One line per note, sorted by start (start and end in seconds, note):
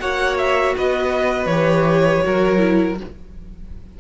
0.00 0.75 A#3
0.00 1.48 F#4
0.00 0.75 C#5
0.00 0.37 F#5
0.38 0.75 E5
0.77 1.46 B3
0.77 2.25 B4
0.77 1.46 D#5
1.46 2.20 E3
1.46 2.23 G4
1.46 2.94 C#5
2.23 3.00 F#3
2.23 2.58 F#4
2.23 2.99 A#4
2.58 2.95 E4